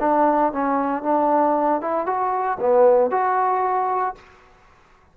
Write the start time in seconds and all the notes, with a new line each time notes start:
0.00 D4
0.52 C#4
1.03 D4
1.81 E4
2.06 F#4
2.60 B3
3.11 F#4